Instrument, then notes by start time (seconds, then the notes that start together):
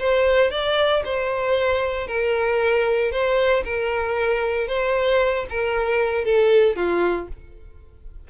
violin
0.00 C5
0.51 D5
1.06 C5
2.08 A#4
3.12 C5
3.65 A#4
4.68 C5
5.50 A#4
6.25 A4
6.76 F4